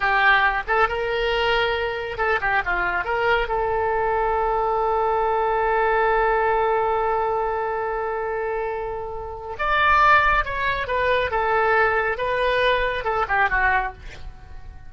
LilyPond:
\new Staff \with { instrumentName = "oboe" } { \time 4/4 \tempo 4 = 138 g'4. a'8 ais'2~ | ais'4 a'8 g'8 f'4 ais'4 | a'1~ | a'1~ |
a'1~ | a'2 d''2 | cis''4 b'4 a'2 | b'2 a'8 g'8 fis'4 | }